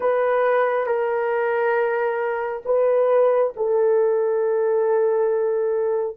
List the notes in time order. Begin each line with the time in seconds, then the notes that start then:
0.00 B4
0.86 A#4
2.65 B4
3.56 A4